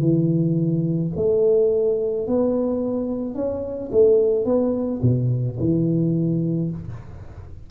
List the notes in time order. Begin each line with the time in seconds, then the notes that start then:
0.00 E3
1.16 A3
2.27 B3
3.35 C#4
3.92 A3
4.45 B3
5.03 B2
5.60 E3